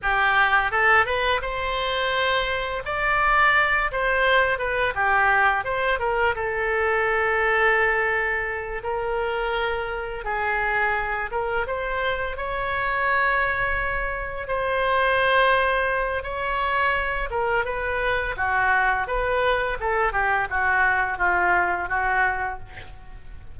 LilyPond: \new Staff \with { instrumentName = "oboe" } { \time 4/4 \tempo 4 = 85 g'4 a'8 b'8 c''2 | d''4. c''4 b'8 g'4 | c''8 ais'8 a'2.~ | a'8 ais'2 gis'4. |
ais'8 c''4 cis''2~ cis''8~ | cis''8 c''2~ c''8 cis''4~ | cis''8 ais'8 b'4 fis'4 b'4 | a'8 g'8 fis'4 f'4 fis'4 | }